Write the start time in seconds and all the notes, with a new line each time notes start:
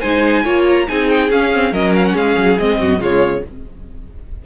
0.00 G#3 D#4 C5 G#5
0.44 A#3 F4 C#5
0.69 A#5
0.87 C4 D#4 G#4 G#5
1.09 G5
1.30 C#4 F5
1.53 C4
1.72 F#3 C#4 A#4 D#5
1.95 F5
2.05 F#5
2.13 G#3 G#4 F5
2.37 F#3
2.59 G#3 C4 D#5
2.80 F#2 F#4
2.98 C#3 G#3 F4 C#5